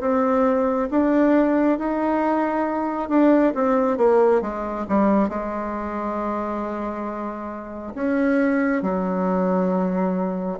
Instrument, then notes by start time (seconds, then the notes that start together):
bassoon
0.00 C4
0.91 D4
1.78 D#4
3.09 D4
3.55 C4
3.97 A#3
4.41 G#3
4.89 G3
5.29 G#3
7.95 C#4
8.82 F#3